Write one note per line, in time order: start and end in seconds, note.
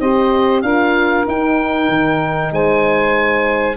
0.00 0.63 C4
0.00 0.64 G4
0.00 0.63 C5
0.00 0.62 D#5
0.62 1.26 D4
0.62 1.27 F4
0.62 2.53 A#4
0.62 1.25 F5
1.27 1.89 D#4
1.27 3.77 D#4
1.27 2.54 G5
1.89 2.52 D#3
2.52 3.77 G#3
2.52 3.77 C5
2.52 3.77 G#5